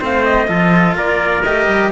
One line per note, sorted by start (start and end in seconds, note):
0.00 0.49 A3
0.00 0.48 C4
0.00 0.48 C5
0.00 0.25 F5
0.25 0.97 D#5
0.48 0.96 F3
0.48 1.43 F4
0.48 0.96 A4
0.96 1.43 A#3
0.96 1.91 A#4
0.96 1.44 D5
1.44 1.67 A3
1.44 1.92 G4
1.44 1.91 D#5
1.67 1.91 G3